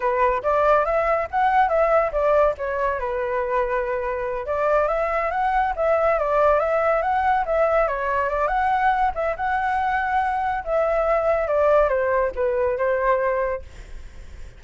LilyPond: \new Staff \with { instrumentName = "flute" } { \time 4/4 \tempo 4 = 141 b'4 d''4 e''4 fis''4 | e''4 d''4 cis''4 b'4~ | b'2~ b'8 d''4 e''8~ | e''8 fis''4 e''4 d''4 e''8~ |
e''8 fis''4 e''4 cis''4 d''8 | fis''4. e''8 fis''2~ | fis''4 e''2 d''4 | c''4 b'4 c''2 | }